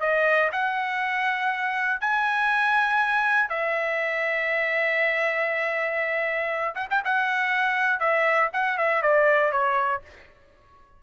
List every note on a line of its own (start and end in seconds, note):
0.00 0.50 D#5
0.52 2.00 F#5
2.00 3.49 G#5
3.49 6.74 E5
6.75 6.88 F#5
6.90 7.02 G5
7.04 8.00 F#5
8.00 8.50 E5
8.53 8.78 F#5
8.78 9.02 E5
9.02 9.51 D5
9.51 10.01 C#5